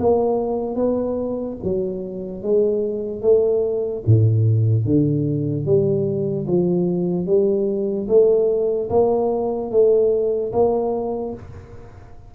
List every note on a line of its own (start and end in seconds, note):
0.00 0.76 A#3
0.76 1.57 B3
1.64 2.43 F#3
2.43 3.22 G#3
3.22 4.04 A3
4.07 4.85 A2
4.85 5.66 D3
5.66 6.47 G3
6.47 7.27 F3
7.27 8.08 G3
8.09 8.90 A3
8.90 9.71 A#3
9.71 10.53 A3
10.53 11.34 A#3